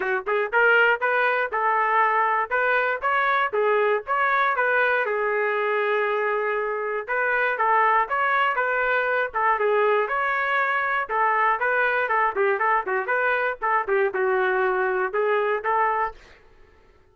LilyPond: \new Staff \with { instrumentName = "trumpet" } { \time 4/4 \tempo 4 = 119 fis'8 gis'8 ais'4 b'4 a'4~ | a'4 b'4 cis''4 gis'4 | cis''4 b'4 gis'2~ | gis'2 b'4 a'4 |
cis''4 b'4. a'8 gis'4 | cis''2 a'4 b'4 | a'8 g'8 a'8 fis'8 b'4 a'8 g'8 | fis'2 gis'4 a'4 | }